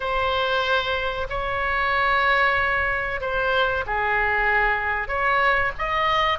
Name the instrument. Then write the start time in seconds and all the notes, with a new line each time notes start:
oboe
0.00 C5
1.29 C#5
3.20 C5
3.86 G#4
5.07 C#5
5.78 D#5